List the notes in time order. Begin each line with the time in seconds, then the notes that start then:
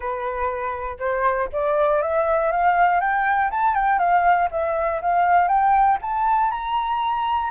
0.00 B4
0.99 C5
1.52 D5
2.02 E5
2.51 F5
3.00 G5
3.50 A5
3.75 G5
3.98 F5
4.51 E5
5.01 F5
5.48 G5
6.01 A5
6.51 A#5